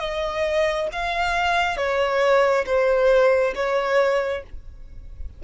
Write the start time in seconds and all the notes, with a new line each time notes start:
0.00 D#5
0.92 F5
1.77 C#5
2.66 C5
3.55 C#5